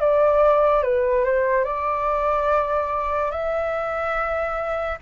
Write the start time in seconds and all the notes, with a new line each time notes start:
0.00 D5
0.83 B4
1.25 C5
1.65 D5
3.31 E5